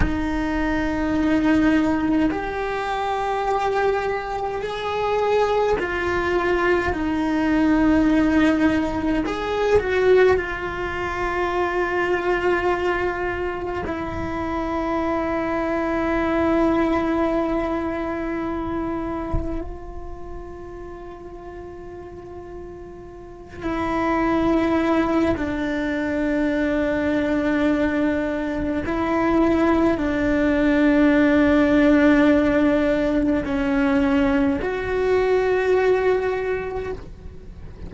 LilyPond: \new Staff \with { instrumentName = "cello" } { \time 4/4 \tempo 4 = 52 dis'2 g'2 | gis'4 f'4 dis'2 | gis'8 fis'8 f'2. | e'1~ |
e'4 f'2.~ | f'8 e'4. d'2~ | d'4 e'4 d'2~ | d'4 cis'4 fis'2 | }